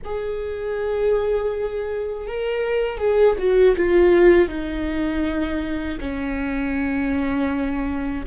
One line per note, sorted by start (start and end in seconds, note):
0.04 2.27 G#4
2.27 2.98 A#4
2.98 3.35 G#4
3.38 3.75 F#4
3.76 4.48 F4
4.48 5.98 D#4
6.00 8.25 C#4